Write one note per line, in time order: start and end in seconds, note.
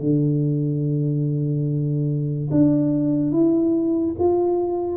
0.00 2.50 D3
2.51 3.32 D4
3.32 4.15 E4
4.19 4.97 F4